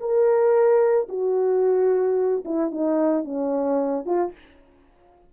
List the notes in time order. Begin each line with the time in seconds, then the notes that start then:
0.00 A#4
1.09 F#4
2.45 E4
2.71 D#4
3.25 C#4
4.05 F4